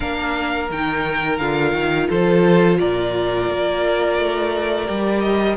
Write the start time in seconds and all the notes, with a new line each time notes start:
0.00 A#3 D4 A#4 F5
0.70 D#3 D#4 G5
1.37 D3 F4 F5
1.73 D#3
2.08 F3 A4 C5
2.79 A#2 A#4 D5
3.50 A#3
4.18 A3
4.85 G3 G4
5.20 D#5